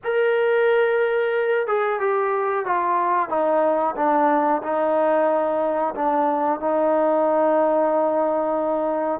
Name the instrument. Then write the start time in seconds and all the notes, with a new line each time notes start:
trombone
0.04 A#4
1.67 G#4
1.99 G4
2.65 F4
3.29 D#4
3.96 D4
4.62 D#4
5.95 D4
6.60 D#4